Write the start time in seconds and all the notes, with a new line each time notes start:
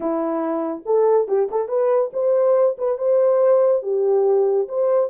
0.00 E4
0.85 A4
1.27 G4
1.51 A4
1.68 B4
2.13 C5
2.78 B4
2.98 C5
3.82 G4
4.68 C5